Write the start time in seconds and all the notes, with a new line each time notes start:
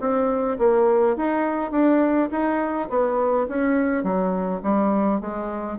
0.00 C4
0.58 A#3
1.16 D#4
1.71 D4
2.31 D#4
2.89 B3
3.48 C#4
4.03 F#3
4.63 G3
5.21 G#3